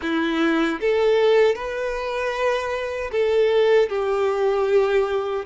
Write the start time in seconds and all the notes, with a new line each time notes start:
0.02 E4
0.80 A4
1.55 B4
3.11 A4
3.89 G4